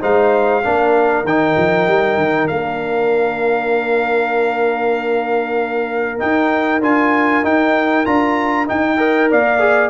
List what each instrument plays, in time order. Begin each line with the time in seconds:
0.00 tuba G#3, trombone D#4, horn C5, trumpet F5
0.63 tuba A#3, trombone D4, horn A#4
1.23 tuba D#3, trombone D#4, trumpet G5
1.57 tuba F3
1.87 tuba G3
2.17 tuba D#3
2.47 tuba A#3, trombone D4, trumpet F5
6.19 trombone D#4, tuba D#4, trumpet G5
6.80 tuba D4, trombone F4, trumpet G#5
7.43 trombone D#4, tuba D#4, trumpet G5
8.05 tuba D4, trombone F4, trumpet A#5
8.66 trombone D#4, tuba D#4, trumpet G5
8.97 trombone A#4, horn D#5
9.30 tuba A#3, horn D5, trumpet F5
9.59 trombone G#4